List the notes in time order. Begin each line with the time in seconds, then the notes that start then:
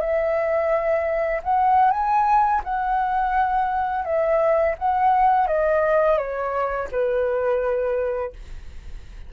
0.00 E5
1.43 F#5
1.91 G#5
2.64 F#5
4.05 E5
4.78 F#5
5.47 D#5
6.17 C#5
6.91 B4